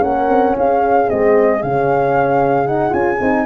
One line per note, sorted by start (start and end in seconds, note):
0.00 0.29 A#3
0.00 1.05 C#4
0.00 0.57 A#4
0.00 0.56 F#5
0.29 0.55 C4
0.57 1.10 C#4
0.57 3.46 G#4
0.57 1.10 F5
1.08 1.63 G#3
1.08 1.60 C4
1.08 1.62 D#5
1.62 2.93 C#3
1.62 2.66 C#4
1.62 2.67 F5
2.66 2.90 D#4
2.66 2.93 F#5
2.90 3.19 C#4
2.90 3.16 F4
2.90 3.46 G#5
3.20 3.46 C4
3.20 3.46 D#4